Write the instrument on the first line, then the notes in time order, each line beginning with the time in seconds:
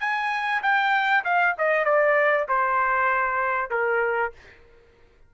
trumpet
0.00 G#5
0.62 G5
1.24 F5
1.58 D#5
1.85 D5
2.49 C5
3.71 A#4